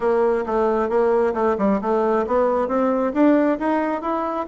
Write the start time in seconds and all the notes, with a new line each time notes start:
0.00 A#3
0.46 A3
0.89 A#3
1.34 A3
1.58 G3
1.81 A3
2.26 B3
2.68 C4
3.13 D4
3.59 D#4
4.01 E4